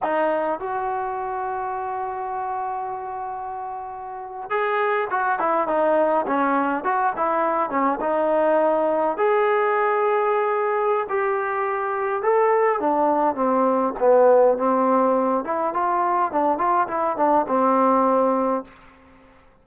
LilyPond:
\new Staff \with { instrumentName = "trombone" } { \time 4/4 \tempo 4 = 103 dis'4 fis'2.~ | fis'2.~ fis'8. gis'16~ | gis'8. fis'8 e'8 dis'4 cis'4 fis'16~ | fis'16 e'4 cis'8 dis'2 gis'16~ |
gis'2. g'4~ | g'4 a'4 d'4 c'4 | b4 c'4. e'8 f'4 | d'8 f'8 e'8 d'8 c'2 | }